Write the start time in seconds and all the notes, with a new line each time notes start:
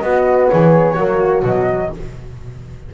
0.00 B3 F#4 D#5
0.49 E3 G#4 C#5
0.95 F#3 A#3 F#4
1.43 B2 F#3 D#5